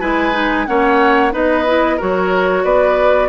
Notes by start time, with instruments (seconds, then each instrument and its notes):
0.00 bassoon G#3, clarinet E4, oboe B4, flute G#5
0.33 clarinet D#4
0.66 bassoon A#3, clarinet C#4, oboe C#5, flute F#5
1.31 bassoon B3, clarinet D#4, oboe B4, flute D#5
1.66 clarinet E4
1.97 bassoon F#3, clarinet F#4, oboe A#4, flute C#5
2.64 bassoon B3, oboe B4, flute D5